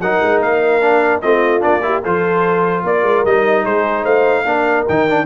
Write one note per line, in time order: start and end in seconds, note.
0.00 0.20 F#3
0.00 0.81 D#4
0.00 1.22 A#4
0.00 0.41 F#5
0.22 0.39 G#3
0.39 1.20 A#3
0.39 1.21 F5
0.81 1.21 D4
1.21 1.63 A3
1.21 1.60 C4
1.21 1.83 F4
1.21 1.61 D#5
1.60 2.05 A#3
1.60 1.80 D4
1.60 2.02 D5
1.82 2.02 E4
1.82 2.02 G4
2.02 2.83 F3
2.02 3.27 F4
2.02 2.83 A4
2.02 2.85 C5
2.83 3.02 A#3
2.83 3.65 A#4
2.83 3.25 D5
3.02 3.23 G#3
3.25 3.65 G3
3.25 4.45 D#4
3.25 3.65 D#5
3.65 4.05 G#3
3.65 4.02 G#4
3.65 4.05 C5
4.02 4.44 A3
4.02 4.43 C5
4.02 4.86 F5
4.44 4.85 A#3
4.44 4.86 D4
4.44 5.25 A#4
4.87 5.25 D#3
4.87 5.08 D#4
4.87 5.25 G5
5.08 5.25 D4